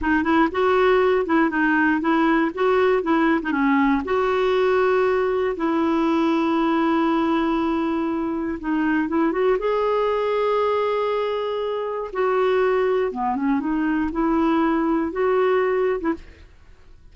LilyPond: \new Staff \with { instrumentName = "clarinet" } { \time 4/4 \tempo 4 = 119 dis'8 e'8 fis'4. e'8 dis'4 | e'4 fis'4 e'8. dis'16 cis'4 | fis'2. e'4~ | e'1~ |
e'4 dis'4 e'8 fis'8 gis'4~ | gis'1 | fis'2 b8 cis'8 dis'4 | e'2 fis'4.~ fis'16 e'16 | }